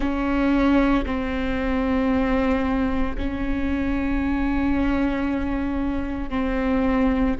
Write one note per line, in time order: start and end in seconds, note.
0.00 1.04 C#4
1.05 3.16 C4
3.17 6.29 C#4
6.29 7.34 C4